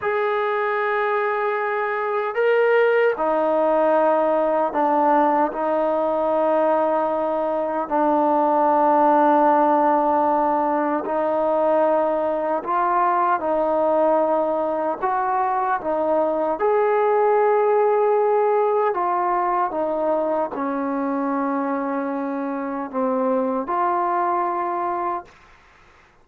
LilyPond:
\new Staff \with { instrumentName = "trombone" } { \time 4/4 \tempo 4 = 76 gis'2. ais'4 | dis'2 d'4 dis'4~ | dis'2 d'2~ | d'2 dis'2 |
f'4 dis'2 fis'4 | dis'4 gis'2. | f'4 dis'4 cis'2~ | cis'4 c'4 f'2 | }